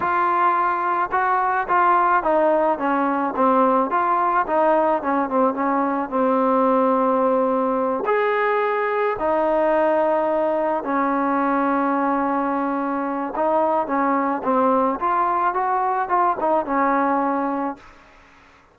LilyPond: \new Staff \with { instrumentName = "trombone" } { \time 4/4 \tempo 4 = 108 f'2 fis'4 f'4 | dis'4 cis'4 c'4 f'4 | dis'4 cis'8 c'8 cis'4 c'4~ | c'2~ c'8 gis'4.~ |
gis'8 dis'2. cis'8~ | cis'1 | dis'4 cis'4 c'4 f'4 | fis'4 f'8 dis'8 cis'2 | }